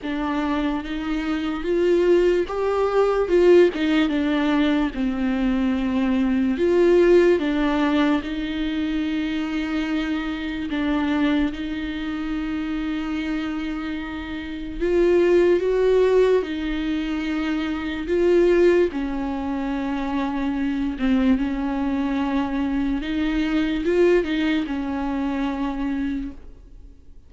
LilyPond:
\new Staff \with { instrumentName = "viola" } { \time 4/4 \tempo 4 = 73 d'4 dis'4 f'4 g'4 | f'8 dis'8 d'4 c'2 | f'4 d'4 dis'2~ | dis'4 d'4 dis'2~ |
dis'2 f'4 fis'4 | dis'2 f'4 cis'4~ | cis'4. c'8 cis'2 | dis'4 f'8 dis'8 cis'2 | }